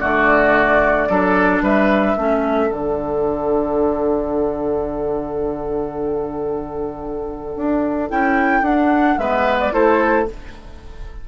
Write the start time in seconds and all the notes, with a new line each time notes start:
0.00 D3 A3 F#4 D5
1.09 F#3 D4 A4
1.62 G3 B4 E5
2.17 A3 C#4 A4
2.70 D3 D4 F#5
7.57 D4
8.09 C#4 E4 G5
8.62 D4 F#5
9.18 G#3 B3 B4 E5
9.60 D5
9.72 A3 E4 A4 C5